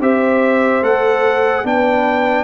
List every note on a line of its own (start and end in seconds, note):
0.00 0.82 C4
0.00 0.83 G4
0.00 1.65 C5
0.00 0.84 E5
0.82 1.64 A3
0.82 1.64 A4
0.82 1.66 F#5
1.64 2.44 B3
1.64 2.44 D4
1.64 2.44 B4
1.64 2.44 G5